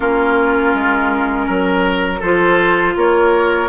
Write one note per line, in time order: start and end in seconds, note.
0.00 0.74 A#3
0.00 2.18 C#4
0.00 1.46 F4
0.00 2.22 A#4
0.74 1.48 G#3
1.46 2.21 F#3
1.46 2.19 A#4
2.19 2.96 F3
2.19 3.68 F4
2.19 2.93 A4
2.19 2.96 C5
2.96 3.68 A#3
2.96 3.68 A#4
2.96 3.68 C#5